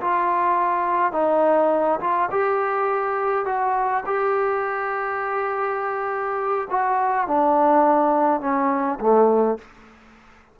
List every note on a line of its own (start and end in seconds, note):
0.00 1.12 F4
1.12 1.99 D#4
2.00 2.29 F4
2.30 3.45 G4
3.45 4.03 F#4
4.05 6.68 G4
6.70 7.27 F#4
7.27 8.40 D4
8.40 8.98 C#4
8.99 9.58 A3